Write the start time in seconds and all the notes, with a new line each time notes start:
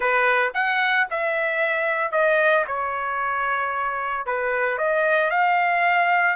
0.00 B4
0.54 F#5
1.10 E5
2.11 D#5
2.67 C#5
4.26 B4
4.78 D#5
5.30 F5